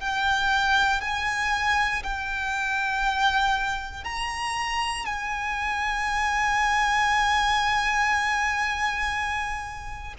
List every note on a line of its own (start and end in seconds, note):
0.00 1.01 G5
1.01 2.02 G#5
2.03 4.04 G5
4.04 5.05 A#5
5.05 10.14 G#5